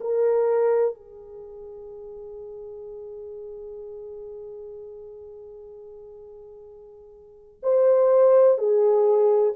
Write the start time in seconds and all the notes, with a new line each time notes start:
0.00 A#4
0.94 G#4
7.62 C5
8.58 G#4